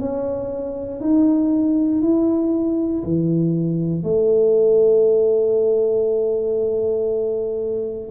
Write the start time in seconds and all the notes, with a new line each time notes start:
0.00 C#4
1.01 D#4
2.02 E4
3.04 E3
4.04 A3